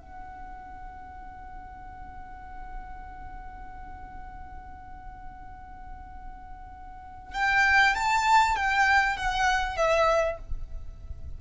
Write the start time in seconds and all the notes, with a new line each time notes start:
0.00 F#5
7.34 G5
7.95 A5
8.56 G5
9.17 F#5
9.77 E5